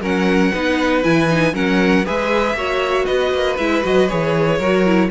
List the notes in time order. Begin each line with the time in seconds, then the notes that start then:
0.00 F#3 C#4 A#4 F#5
0.51 B3 D#4 B4
1.03 E3 E4 G#5
1.29 D#4
1.53 F#3 C#4 A#4 F#5
2.04 G#3 G#4 B4 E5
2.53 A#3 F#4 C#5
3.05 B3 B4 D#5
3.32 A#3
3.57 G#3 E4 E5
3.82 F#3 F#4 D#5
4.08 E3 G#4 C#5
4.57 F#3 F#4 A#4
4.86 E4